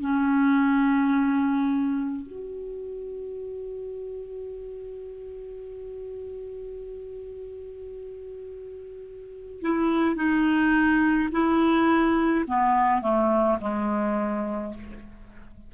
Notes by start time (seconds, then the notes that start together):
0.00 C#4
2.26 F#4
9.61 E4
10.15 D#4
11.32 E4
12.47 B3
13.01 A3
13.60 G#3